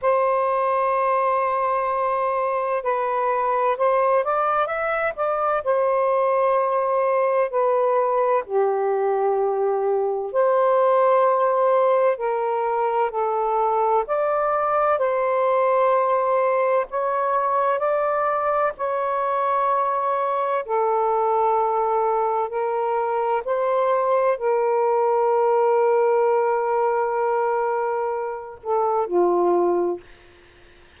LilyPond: \new Staff \with { instrumentName = "saxophone" } { \time 4/4 \tempo 4 = 64 c''2. b'4 | c''8 d''8 e''8 d''8 c''2 | b'4 g'2 c''4~ | c''4 ais'4 a'4 d''4 |
c''2 cis''4 d''4 | cis''2 a'2 | ais'4 c''4 ais'2~ | ais'2~ ais'8 a'8 f'4 | }